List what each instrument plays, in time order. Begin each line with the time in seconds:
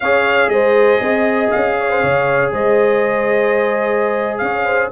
0.00 tuba C#4, trombone G#4, horn C#5, trumpet F5
0.48 tuba G#3, horn C5, trumpet D#5
1.01 tuba C4, horn D#5
1.50 tuba C#4, trumpet F5
1.78 horn C#5
1.90 horn C5
2.01 tuba C#3, horn C#5
2.52 tuba G#3, horn C5, trumpet D#5
4.38 tuba C#4, horn C#5, trumpet F5
4.64 horn C5